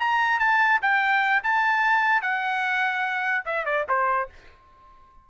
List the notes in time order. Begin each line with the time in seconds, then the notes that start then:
0.00 A#5
0.40 A5
0.82 G5
1.44 A5
2.22 F#5
3.46 E5
3.66 D5
3.89 C5